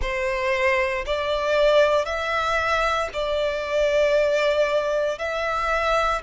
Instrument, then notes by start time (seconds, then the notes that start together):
violin
0.01 C5
1.06 D5
2.05 E5
3.13 D5
5.18 E5